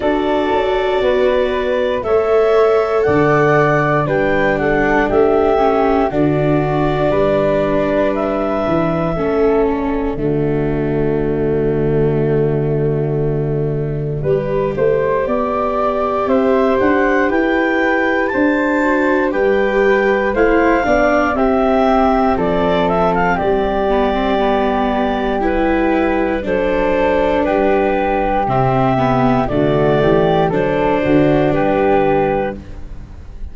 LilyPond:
<<
  \new Staff \with { instrumentName = "clarinet" } { \time 4/4 \tempo 4 = 59 d''2 e''4 fis''4 | g''8 fis''8 e''4 d''2 | e''4. d''2~ d''8~ | d''1 |
e''8 fis''8 g''4 a''4 g''4 | f''4 e''4 d''8 e''16 f''16 d''4~ | d''4 b'4 c''4 b'4 | e''4 d''4 c''4 b'4 | }
  \new Staff \with { instrumentName = "flute" } { \time 4/4 a'4 b'4 cis''4 d''4 | b'8 a'8 g'4 fis'4 b'4~ | b'4 a'4 fis'2~ | fis'2 b'8 c''8 d''4 |
c''4 b'4 c''4 b'4 | c''8 d''8 g'4 a'4 g'4~ | g'2 a'4 g'4~ | g'4 fis'8 g'8 a'8 fis'8 g'4 | }
  \new Staff \with { instrumentName = "viola" } { \time 4/4 fis'2 a'2 | d'4. cis'8 d'2~ | d'4 cis'4 a2~ | a2 g'2~ |
g'2~ g'8 fis'8 g'4 | e'8 d'8 c'2~ c'8 b16 c'16 | b4 e'4 d'2 | c'8 b8 a4 d'2 | }
  \new Staff \with { instrumentName = "tuba" } { \time 4/4 d'8 cis'8 b4 a4 d4 | g4 a4 d4 g4~ | g8 e8 a4 d2~ | d2 g8 a8 b4 |
c'8 d'8 e'4 d'4 g4 | a8 b8 c'4 f4 g4~ | g2 fis4 g4 | c4 d8 e8 fis8 d8 g4 | }
>>